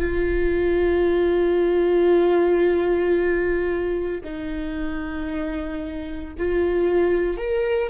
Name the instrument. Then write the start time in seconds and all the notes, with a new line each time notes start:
viola
0.00 F4
4.24 D#4
6.38 F4
7.37 A#4